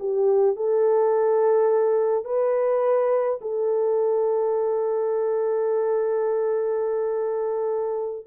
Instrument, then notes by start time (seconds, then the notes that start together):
horn
0.00 G4
0.56 A4
2.25 B4
3.42 A4